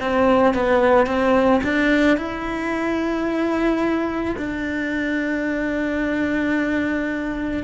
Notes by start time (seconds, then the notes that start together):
0.00 C4
0.54 B3
1.06 C4
1.63 D4
2.17 E4
4.37 D4